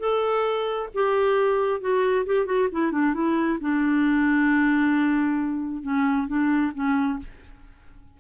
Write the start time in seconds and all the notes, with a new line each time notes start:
0.00 A4
0.95 G4
1.81 F#4
2.26 G4
2.46 F#4
2.72 E4
2.92 D4
3.14 E4
3.61 D4
5.83 C#4
6.28 D4
6.75 C#4